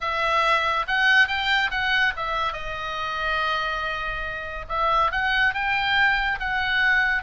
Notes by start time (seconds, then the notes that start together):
0.01 E5
0.87 F#5
1.27 G5
1.70 F#5
2.16 E5
2.52 D#5
4.68 E5
5.11 F#5
5.54 G5
6.39 F#5